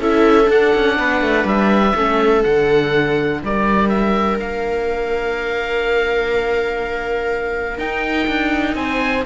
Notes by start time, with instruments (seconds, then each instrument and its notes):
0.00 cello C#4, viola E4 A4, oboe E5
0.45 viola D4, cello D4, oboe F#5
0.76 cello C#4
0.98 cello B3, viola B4
1.21 cello A3
1.45 cello G3, oboe E5
1.96 cello A3, viola C#4 A4
2.43 cello D3, viola D4, oboe F#5
3.43 cello G3, viola A#4, oboe D5
3.89 oboe E5
4.40 cello A#3, oboe F5
7.78 viola D#4, cello D#4, oboe G5
8.28 cello D4
8.75 cello C4, viola C5, oboe G#5